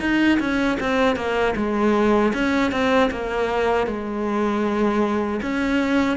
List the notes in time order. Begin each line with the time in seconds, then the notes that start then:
0.00 D#4
0.40 C#4
0.80 C4
1.16 A#3
1.56 G#3
2.34 C#4
2.71 C4
3.10 A#3
3.86 G#3
5.42 C#4